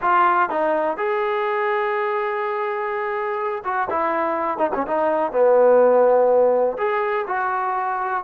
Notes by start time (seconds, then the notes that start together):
0.01 F4
0.49 D#4
0.97 G#4
3.64 F#4
3.90 E4
4.57 D#4
4.74 C#4
4.87 D#4
5.32 B3
6.77 G#4
7.27 F#4